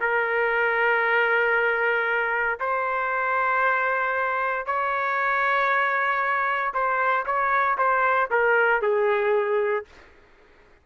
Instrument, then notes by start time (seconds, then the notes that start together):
trumpet
0.00 A#4
2.59 C5
4.66 C#5
6.73 C5
7.26 C#5
7.77 C5
8.30 A#4
8.81 G#4